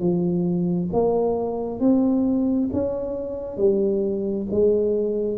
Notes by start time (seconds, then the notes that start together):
0.00 F3
0.93 A#3
1.80 C4
2.72 C#4
3.57 G3
4.51 G#3